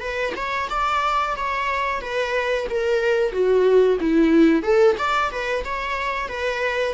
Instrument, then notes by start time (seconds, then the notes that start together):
viola
0.00 B4
0.36 C#5
0.70 D5
1.36 C#5
2.01 B4
2.69 A#4
3.31 F#4
4.00 E4
4.63 A4
4.98 D5
5.31 B4
5.64 C#5
6.28 B4